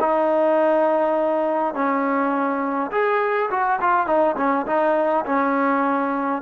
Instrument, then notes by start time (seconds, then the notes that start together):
trombone
0.00 D#4
1.74 C#4
2.91 G#4
3.50 F#4
3.80 F4
4.06 D#4
4.37 C#4
4.66 D#4
5.25 C#4